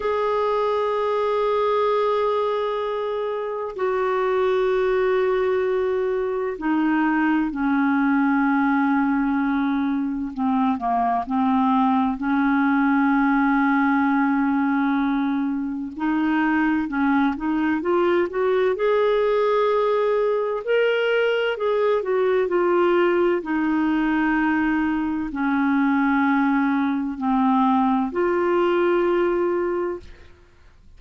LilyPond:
\new Staff \with { instrumentName = "clarinet" } { \time 4/4 \tempo 4 = 64 gis'1 | fis'2. dis'4 | cis'2. c'8 ais8 | c'4 cis'2.~ |
cis'4 dis'4 cis'8 dis'8 f'8 fis'8 | gis'2 ais'4 gis'8 fis'8 | f'4 dis'2 cis'4~ | cis'4 c'4 f'2 | }